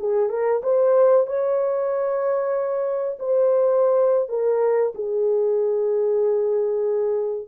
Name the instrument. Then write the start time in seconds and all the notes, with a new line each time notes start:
horn
0.00 G#4
0.30 A#4
0.64 C5
1.27 C#5
3.20 C5
4.29 A#4
4.95 G#4